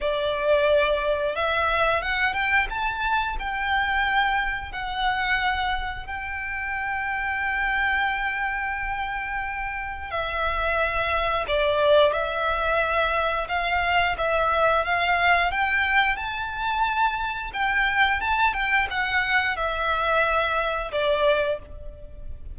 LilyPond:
\new Staff \with { instrumentName = "violin" } { \time 4/4 \tempo 4 = 89 d''2 e''4 fis''8 g''8 | a''4 g''2 fis''4~ | fis''4 g''2.~ | g''2. e''4~ |
e''4 d''4 e''2 | f''4 e''4 f''4 g''4 | a''2 g''4 a''8 g''8 | fis''4 e''2 d''4 | }